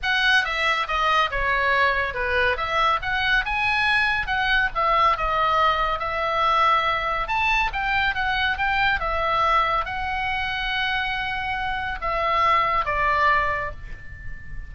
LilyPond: \new Staff \with { instrumentName = "oboe" } { \time 4/4 \tempo 4 = 140 fis''4 e''4 dis''4 cis''4~ | cis''4 b'4 e''4 fis''4 | gis''2 fis''4 e''4 | dis''2 e''2~ |
e''4 a''4 g''4 fis''4 | g''4 e''2 fis''4~ | fis''1 | e''2 d''2 | }